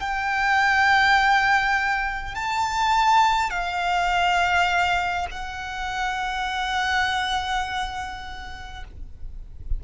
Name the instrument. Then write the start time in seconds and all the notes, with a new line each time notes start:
violin
0.00 G5
2.35 A5
3.50 F5
5.30 F#5